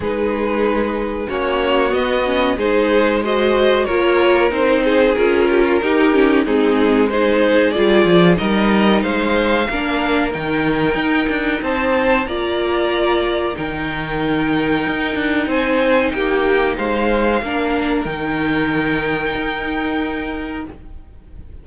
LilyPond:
<<
  \new Staff \with { instrumentName = "violin" } { \time 4/4 \tempo 4 = 93 b'2 cis''4 dis''4 | c''4 dis''4 cis''4 c''4 | ais'2 gis'4 c''4 | d''4 dis''4 f''2 |
g''2 a''4 ais''4~ | ais''4 g''2. | gis''4 g''4 f''2 | g''1 | }
  \new Staff \with { instrumentName = "violin" } { \time 4/4 gis'2 fis'2 | gis'4 c''4 ais'4. gis'8~ | gis'8 g'16 f'16 g'4 dis'4 gis'4~ | gis'4 ais'4 c''4 ais'4~ |
ais'2 c''4 d''4~ | d''4 ais'2. | c''4 g'4 c''4 ais'4~ | ais'1 | }
  \new Staff \with { instrumentName = "viola" } { \time 4/4 dis'2 cis'4 b8 cis'8 | dis'4 fis'4 f'4 dis'4 | f'4 dis'8 cis'8 c'4 dis'4 | f'4 dis'2 d'4 |
dis'2. f'4~ | f'4 dis'2.~ | dis'2. d'4 | dis'1 | }
  \new Staff \with { instrumentName = "cello" } { \time 4/4 gis2 ais4 b4 | gis2 ais4 c'4 | cis'4 dis'4 gis2 | g8 f8 g4 gis4 ais4 |
dis4 dis'8 d'8 c'4 ais4~ | ais4 dis2 dis'8 d'8 | c'4 ais4 gis4 ais4 | dis2 dis'2 | }
>>